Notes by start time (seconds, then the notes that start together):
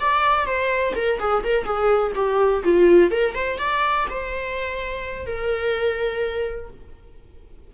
0.00 D5
0.46 C5
0.95 A#4
1.20 G#4
1.44 A#4
1.65 G#4
2.15 G4
2.64 F4
3.11 A#4
3.35 C5
3.59 D5
4.10 C5
5.26 A#4